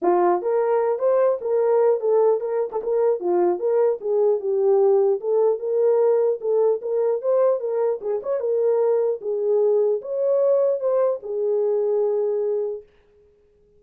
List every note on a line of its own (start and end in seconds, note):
0.01 0.41 F4
0.42 0.99 A#4
0.99 1.39 C5
1.41 2.00 A#4
2.00 2.40 A4
2.40 2.70 A#4
2.72 2.82 A4
2.83 3.20 A#4
3.20 3.59 F4
3.59 3.99 A#4
4.00 4.40 G#4
4.40 5.20 G4
5.20 5.59 A4
5.59 6.39 A#4
6.41 6.81 A4
6.81 7.21 A#4
7.21 7.59 C5
7.59 7.99 A#4
8.01 8.21 G#4
8.23 8.40 C#5
8.40 9.20 A#4
9.21 10.01 G#4
10.01 10.79 C#5
10.79 11.19 C5
11.22 12.82 G#4